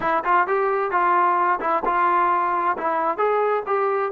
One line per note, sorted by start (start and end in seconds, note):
0.00 0.23 E4
0.24 0.47 F4
0.47 0.91 G4
0.91 1.59 F4
1.60 1.83 E4
1.85 2.76 F4
2.77 3.17 E4
3.17 3.63 G#4
3.66 4.12 G4